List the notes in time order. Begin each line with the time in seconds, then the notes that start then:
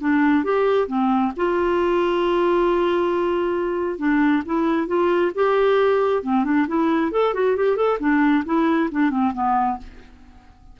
0.00 D4
0.44 G4
0.87 C4
1.36 F4
3.98 D4
4.45 E4
4.87 F4
5.35 G4
6.23 C4
6.44 D4
6.67 E4
7.11 A4
7.34 F#4
7.56 G4
7.76 A4
7.99 D4
8.45 E4
8.91 D4
9.10 C4
9.33 B3